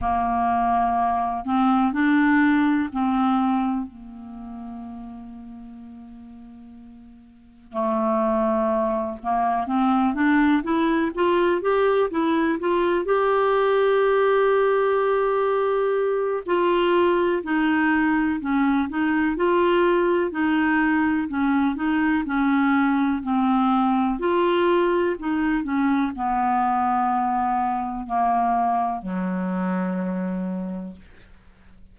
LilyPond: \new Staff \with { instrumentName = "clarinet" } { \time 4/4 \tempo 4 = 62 ais4. c'8 d'4 c'4 | ais1 | a4. ais8 c'8 d'8 e'8 f'8 | g'8 e'8 f'8 g'2~ g'8~ |
g'4 f'4 dis'4 cis'8 dis'8 | f'4 dis'4 cis'8 dis'8 cis'4 | c'4 f'4 dis'8 cis'8 b4~ | b4 ais4 fis2 | }